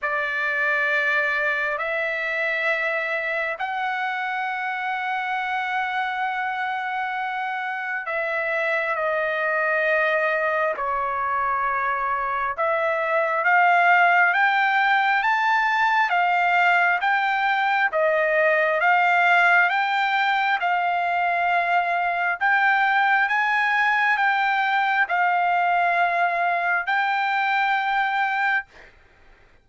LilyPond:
\new Staff \with { instrumentName = "trumpet" } { \time 4/4 \tempo 4 = 67 d''2 e''2 | fis''1~ | fis''4 e''4 dis''2 | cis''2 e''4 f''4 |
g''4 a''4 f''4 g''4 | dis''4 f''4 g''4 f''4~ | f''4 g''4 gis''4 g''4 | f''2 g''2 | }